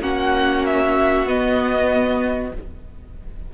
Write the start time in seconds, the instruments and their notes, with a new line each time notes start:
0.00 cello A#3, viola C#4, violin F#4 F#5
0.66 violin E5
1.26 cello B3, viola B3, violin D#5